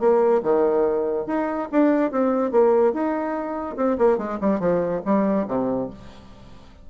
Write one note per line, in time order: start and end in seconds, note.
0.00 0.42 A#3
0.43 1.27 D#3
1.27 1.69 D#4
1.72 2.12 D4
2.12 2.52 C4
2.52 2.94 A#3
2.94 3.77 D#4
3.77 3.98 C4
3.98 4.18 A#3
4.18 4.39 G#3
4.41 4.60 G3
4.60 5.02 F3
5.05 5.47 G3
5.48 5.90 C3